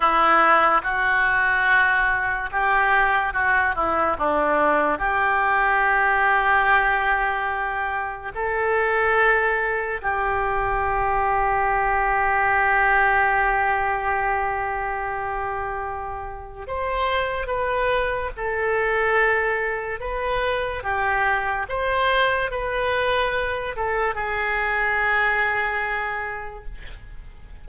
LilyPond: \new Staff \with { instrumentName = "oboe" } { \time 4/4 \tempo 4 = 72 e'4 fis'2 g'4 | fis'8 e'8 d'4 g'2~ | g'2 a'2 | g'1~ |
g'1 | c''4 b'4 a'2 | b'4 g'4 c''4 b'4~ | b'8 a'8 gis'2. | }